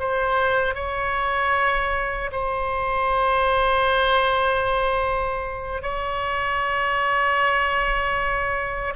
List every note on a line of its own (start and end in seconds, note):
0.00 0.75 C5
0.75 2.31 C#5
2.32 5.83 C5
5.83 8.94 C#5